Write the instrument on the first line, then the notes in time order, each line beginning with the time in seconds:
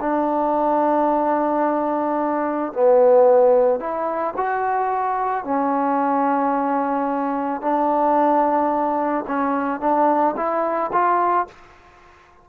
trombone
0.00 D4
2.73 B3
3.80 E4
4.36 F#4
5.44 C#4
7.61 D4
9.27 C#4
9.80 D4
10.36 E4
10.92 F4